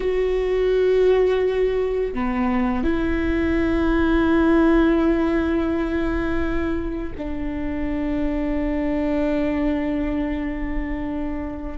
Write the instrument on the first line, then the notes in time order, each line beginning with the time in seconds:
viola
0.00 F#4
2.13 B3
2.83 E4
7.17 D4